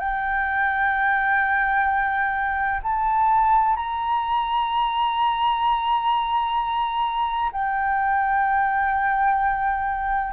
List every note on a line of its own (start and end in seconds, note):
0.00 2.81 G5
2.83 3.77 A5
3.77 7.52 A#5
7.53 10.33 G5